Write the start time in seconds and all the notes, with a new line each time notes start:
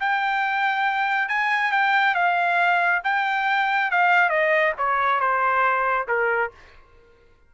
0.00 G5
1.29 G#5
1.72 G5
2.15 F5
3.04 G5
3.91 F5
4.30 D#5
4.78 C#5
5.21 C5
6.08 A#4